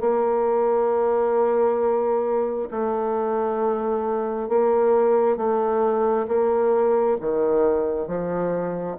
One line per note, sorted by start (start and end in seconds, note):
0.00 2.69 A#3
2.70 4.48 A3
4.48 5.37 A#3
5.37 6.26 A3
6.27 7.17 A#3
7.20 8.07 D#3
8.07 8.97 F3